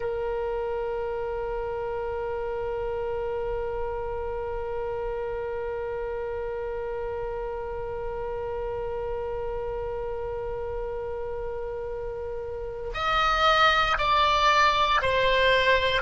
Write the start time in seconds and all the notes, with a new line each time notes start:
0.00 A#4
12.94 D#5
13.97 D5
15.01 C5